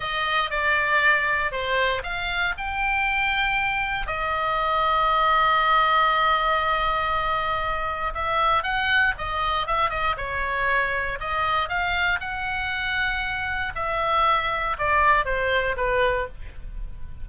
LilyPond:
\new Staff \with { instrumentName = "oboe" } { \time 4/4 \tempo 4 = 118 dis''4 d''2 c''4 | f''4 g''2. | dis''1~ | dis''1 |
e''4 fis''4 dis''4 e''8 dis''8 | cis''2 dis''4 f''4 | fis''2. e''4~ | e''4 d''4 c''4 b'4 | }